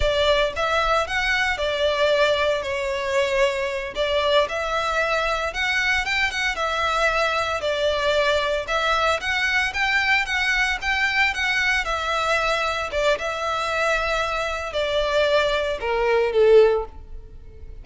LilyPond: \new Staff \with { instrumentName = "violin" } { \time 4/4 \tempo 4 = 114 d''4 e''4 fis''4 d''4~ | d''4 cis''2~ cis''8 d''8~ | d''8 e''2 fis''4 g''8 | fis''8 e''2 d''4.~ |
d''8 e''4 fis''4 g''4 fis''8~ | fis''8 g''4 fis''4 e''4.~ | e''8 d''8 e''2. | d''2 ais'4 a'4 | }